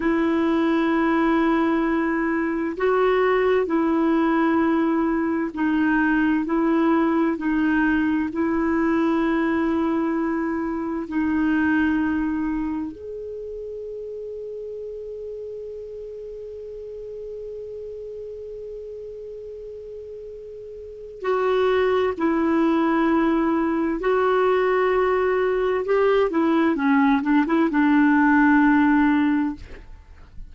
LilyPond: \new Staff \with { instrumentName = "clarinet" } { \time 4/4 \tempo 4 = 65 e'2. fis'4 | e'2 dis'4 e'4 | dis'4 e'2. | dis'2 gis'2~ |
gis'1~ | gis'2. fis'4 | e'2 fis'2 | g'8 e'8 cis'8 d'16 e'16 d'2 | }